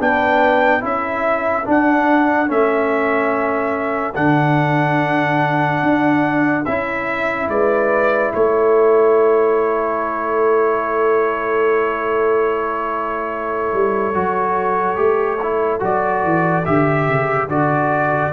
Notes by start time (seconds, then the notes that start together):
0.00 B3 D4 B4 G5
0.81 C#4 E4 A4 E5
1.65 D4 F#5
2.47 A3 C#4 E5
4.15 D3 D4 F#5
5.83 D4
6.65 C#4 E4 E5
7.49 G#3 B4 D5
8.34 A3 A4 C#5
13.73 G3
14.14 F#3 F#4
14.96 A3 G4
15.43 E4
15.80 F#3 F#4 D5
16.24 E3
16.66 D3 G4 E5
17.09 C#3
17.48 D3 F#4 D5